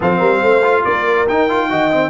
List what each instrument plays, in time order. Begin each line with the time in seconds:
0.00 tuba F3, trombone C4, horn A4, trumpet F5
0.18 tuba G3, horn A#4
0.42 tuba A3, horn C5
0.63 trombone F4
0.84 tuba A#3, horn A#4, trumpet D5
1.28 tuba D#4, trombone D#4, trumpet G5
1.49 trombone F4
1.69 tuba D#3, trombone F#4, horn D#5
1.91 trombone C4